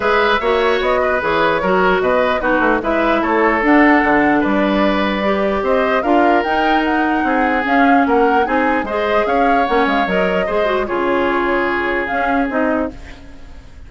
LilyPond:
<<
  \new Staff \with { instrumentName = "flute" } { \time 4/4 \tempo 4 = 149 e''2 dis''4 cis''4~ | cis''4 dis''4 b'4 e''4 | cis''4 fis''2 d''4~ | d''2 dis''4 f''4 |
g''4 fis''2 f''4 | fis''4 gis''4 dis''4 f''4 | fis''8 f''8 dis''2 cis''4~ | cis''2 f''4 dis''4 | }
  \new Staff \with { instrumentName = "oboe" } { \time 4/4 b'4 cis''4. b'4. | ais'4 b'4 fis'4 b'4 | a'2. b'4~ | b'2 c''4 ais'4~ |
ais'2 gis'2 | ais'4 gis'4 c''4 cis''4~ | cis''2 c''4 gis'4~ | gis'1 | }
  \new Staff \with { instrumentName = "clarinet" } { \time 4/4 gis'4 fis'2 gis'4 | fis'2 dis'4 e'4~ | e'4 d'2.~ | d'4 g'2 f'4 |
dis'2. cis'4~ | cis'4 dis'4 gis'2 | cis'4 ais'4 gis'8 fis'8 f'4~ | f'2 cis'4 dis'4 | }
  \new Staff \with { instrumentName = "bassoon" } { \time 4/4 gis4 ais4 b4 e4 | fis4 b,4 b8 a8 gis4 | a4 d'4 d4 g4~ | g2 c'4 d'4 |
dis'2 c'4 cis'4 | ais4 c'4 gis4 cis'4 | ais8 gis8 fis4 gis4 cis4~ | cis2 cis'4 c'4 | }
>>